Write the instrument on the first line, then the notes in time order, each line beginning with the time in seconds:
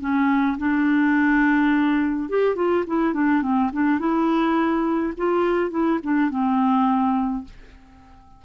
clarinet
0.00 C#4
0.58 D4
2.29 G4
2.56 F4
2.87 E4
3.14 D4
3.42 C4
3.73 D4
3.99 E4
5.17 F4
5.70 E4
6.03 D4
6.30 C4